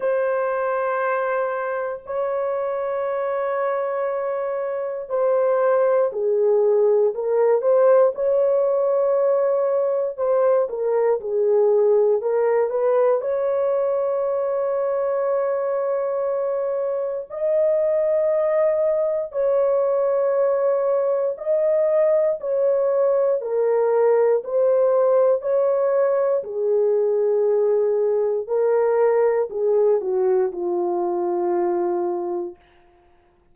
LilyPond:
\new Staff \with { instrumentName = "horn" } { \time 4/4 \tempo 4 = 59 c''2 cis''2~ | cis''4 c''4 gis'4 ais'8 c''8 | cis''2 c''8 ais'8 gis'4 | ais'8 b'8 cis''2.~ |
cis''4 dis''2 cis''4~ | cis''4 dis''4 cis''4 ais'4 | c''4 cis''4 gis'2 | ais'4 gis'8 fis'8 f'2 | }